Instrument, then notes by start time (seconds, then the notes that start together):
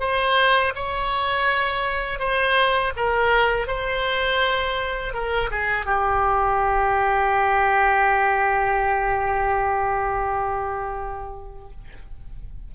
oboe
0.00 C5
0.75 C#5
2.19 C5
2.97 A#4
3.68 C5
5.14 A#4
5.51 G#4
5.86 G4